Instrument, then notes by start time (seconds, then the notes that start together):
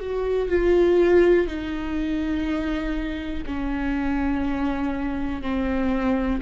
viola
0.00 F#4
0.49 F4
1.48 D#4
3.46 C#4
5.42 C4